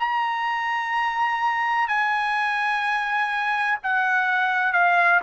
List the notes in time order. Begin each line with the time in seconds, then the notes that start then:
0.00 A#5
1.88 G#5
3.84 F#5
4.73 F5